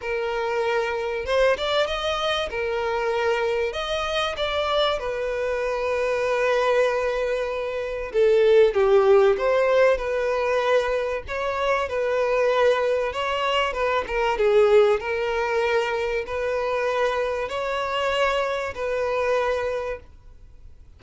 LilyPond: \new Staff \with { instrumentName = "violin" } { \time 4/4 \tempo 4 = 96 ais'2 c''8 d''8 dis''4 | ais'2 dis''4 d''4 | b'1~ | b'4 a'4 g'4 c''4 |
b'2 cis''4 b'4~ | b'4 cis''4 b'8 ais'8 gis'4 | ais'2 b'2 | cis''2 b'2 | }